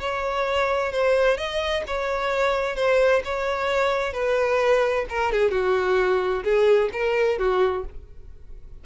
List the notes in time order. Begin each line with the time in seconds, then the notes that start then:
0.00 C#5
0.92 C5
1.37 D#5
1.87 C#5
2.76 C5
3.25 C#5
4.13 B4
5.10 A#4
5.32 G#4
5.51 F#4
6.44 G#4
6.93 A#4
7.39 F#4